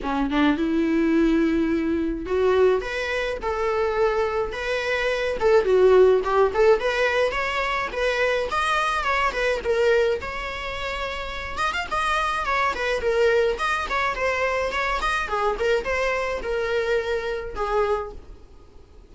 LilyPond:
\new Staff \with { instrumentName = "viola" } { \time 4/4 \tempo 4 = 106 cis'8 d'8 e'2. | fis'4 b'4 a'2 | b'4. a'8 fis'4 g'8 a'8 | b'4 cis''4 b'4 dis''4 |
cis''8 b'8 ais'4 cis''2~ | cis''8 dis''16 f''16 dis''4 cis''8 b'8 ais'4 | dis''8 cis''8 c''4 cis''8 dis''8 gis'8 ais'8 | c''4 ais'2 gis'4 | }